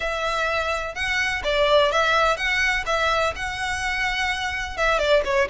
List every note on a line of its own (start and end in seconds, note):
0.00 0.94 E5
0.94 1.42 F#5
1.44 1.91 D5
1.91 2.36 E5
2.36 2.84 F#5
2.86 3.33 E5
3.35 4.77 F#5
4.77 4.98 E5
4.98 5.22 D5
5.24 5.48 C#5